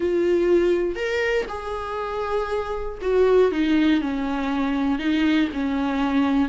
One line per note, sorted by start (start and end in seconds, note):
0.00 0.95 F4
0.95 1.45 A#4
1.48 2.98 G#4
3.01 3.51 F#4
3.51 4.01 D#4
4.01 4.98 C#4
4.98 5.48 D#4
5.53 6.48 C#4